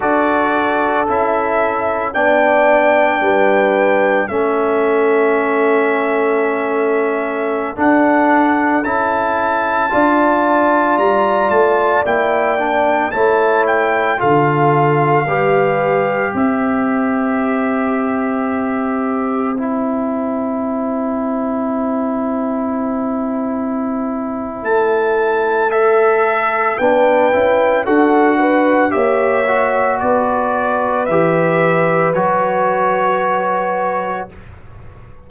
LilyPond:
<<
  \new Staff \with { instrumentName = "trumpet" } { \time 4/4 \tempo 4 = 56 d''4 e''4 g''2 | e''2.~ e''16 fis''8.~ | fis''16 a''2 ais''8 a''8 g''8.~ | g''16 a''8 g''8 f''2 e''8.~ |
e''2~ e''16 g''4.~ g''16~ | g''2. a''4 | e''4 g''4 fis''4 e''4 | d''4 e''4 cis''2 | }
  \new Staff \with { instrumentName = "horn" } { \time 4/4 a'2 d''4 b'4 | a'1~ | a'4~ a'16 d''2~ d''8.~ | d''16 cis''4 a'4 b'4 c''8.~ |
c''1~ | c''1~ | c''4 b'4 a'8 b'8 cis''4 | b'1 | }
  \new Staff \with { instrumentName = "trombone" } { \time 4/4 fis'4 e'4 d'2 | cis'2.~ cis'16 d'8.~ | d'16 e'4 f'2 e'8 d'16~ | d'16 e'4 f'4 g'4.~ g'16~ |
g'2~ g'16 e'4.~ e'16~ | e'1 | a'4 d'8 e'8 fis'4 g'8 fis'8~ | fis'4 g'4 fis'2 | }
  \new Staff \with { instrumentName = "tuba" } { \time 4/4 d'4 cis'4 b4 g4 | a2.~ a16 d'8.~ | d'16 cis'4 d'4 g8 a8 ais8.~ | ais16 a4 d4 g4 c'8.~ |
c'1~ | c'2. a4~ | a4 b8 cis'8 d'4 ais4 | b4 e4 fis2 | }
>>